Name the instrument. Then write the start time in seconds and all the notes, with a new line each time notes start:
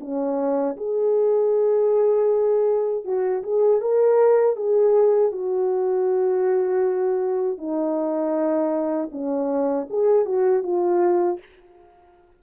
horn
0.00 C#4
0.76 G#4
3.04 F#4
3.43 G#4
3.81 A#4
4.56 G#4
5.32 F#4
7.58 D#4
9.11 C#4
9.89 G#4
10.25 F#4
10.63 F4